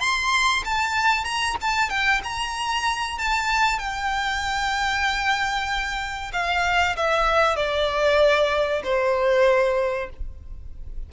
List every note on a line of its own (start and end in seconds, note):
0.00 0.63 C6
0.65 1.24 A5
1.24 1.56 A#5
1.61 1.90 A5
1.90 2.21 G5
2.24 3.18 A#5
3.18 3.79 A5
3.79 6.31 G5
6.33 6.96 F5
6.96 7.56 E5
7.56 8.82 D5
8.83 10.10 C5